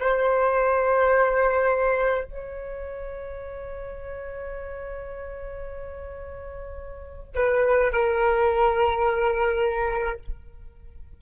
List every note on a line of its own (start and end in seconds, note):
0.00 2.25 C5
2.25 7.34 C#5
7.35 7.92 B4
7.92 10.19 A#4